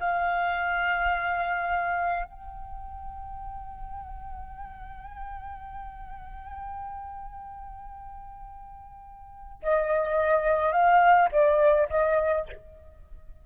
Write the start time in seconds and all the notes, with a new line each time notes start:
0.00 F5
2.24 G5
9.62 D#5
10.72 F5
11.31 D5
11.89 D#5